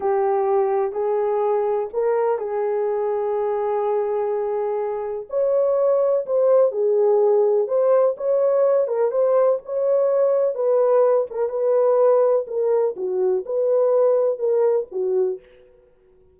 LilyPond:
\new Staff \with { instrumentName = "horn" } { \time 4/4 \tempo 4 = 125 g'2 gis'2 | ais'4 gis'2.~ | gis'2. cis''4~ | cis''4 c''4 gis'2 |
c''4 cis''4. ais'8 c''4 | cis''2 b'4. ais'8 | b'2 ais'4 fis'4 | b'2 ais'4 fis'4 | }